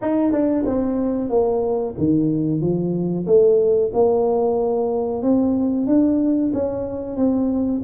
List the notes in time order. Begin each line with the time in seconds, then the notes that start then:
0.01 D#4
0.31 D4
0.66 C4
1.29 A#3
1.98 D#3
2.60 F3
3.26 A3
3.93 A#3
5.22 C4
5.86 D4
6.53 C#4
7.16 C4